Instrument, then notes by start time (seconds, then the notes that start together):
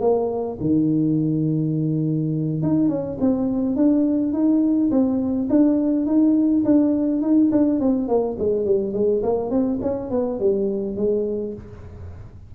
tuba
0.00 A#3
0.60 D#3
2.62 D#4
2.89 C#4
3.20 C4
3.76 D4
4.32 D#4
4.91 C4
5.49 D4
6.06 D#4
6.65 D4
7.21 D#4
7.52 D4
7.80 C4
8.08 A#3
8.39 G#3
8.65 G3
8.93 G#3
9.23 A#3
9.50 C4
9.81 C#4
10.10 B3
10.40 G3
10.96 G#3